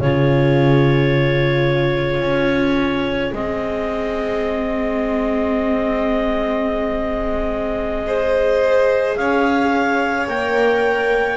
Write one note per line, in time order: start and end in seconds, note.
0.00 2.20 C#3
0.00 3.34 F4
0.00 8.06 G#4
0.00 3.34 C#5
2.20 3.31 C#4
3.33 9.16 G#3
3.33 8.06 C4
3.33 9.16 D#5
8.06 10.28 G#4
8.06 9.18 C5
9.16 10.28 C#4
9.16 11.37 C#5
9.16 10.27 F5
10.28 11.37 A#3
10.28 11.37 A#4
10.28 11.37 G5